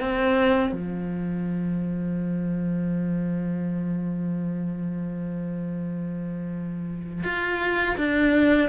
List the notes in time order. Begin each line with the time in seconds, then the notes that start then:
0.00 C4
0.72 F3
7.24 F4
7.97 D4